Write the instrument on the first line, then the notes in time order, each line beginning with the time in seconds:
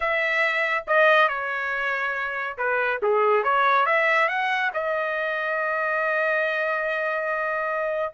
trumpet
0.00 E5
0.87 D#5
1.28 C#5
2.57 B4
3.02 G#4
3.43 C#5
3.86 E5
4.28 F#5
4.73 D#5